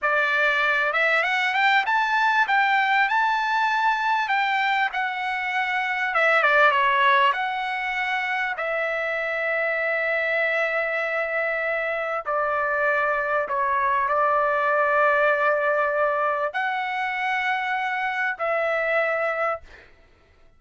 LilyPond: \new Staff \with { instrumentName = "trumpet" } { \time 4/4 \tempo 4 = 98 d''4. e''8 fis''8 g''8 a''4 | g''4 a''2 g''4 | fis''2 e''8 d''8 cis''4 | fis''2 e''2~ |
e''1 | d''2 cis''4 d''4~ | d''2. fis''4~ | fis''2 e''2 | }